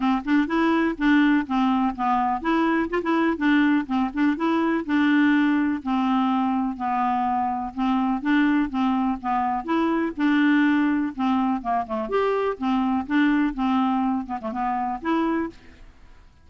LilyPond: \new Staff \with { instrumentName = "clarinet" } { \time 4/4 \tempo 4 = 124 c'8 d'8 e'4 d'4 c'4 | b4 e'4 f'16 e'8. d'4 | c'8 d'8 e'4 d'2 | c'2 b2 |
c'4 d'4 c'4 b4 | e'4 d'2 c'4 | ais8 a8 g'4 c'4 d'4 | c'4. b16 a16 b4 e'4 | }